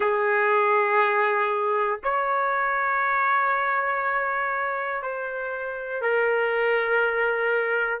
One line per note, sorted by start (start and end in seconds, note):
0.00 2.00 G#4
2.03 5.02 C#5
5.02 6.01 C5
6.01 8.00 A#4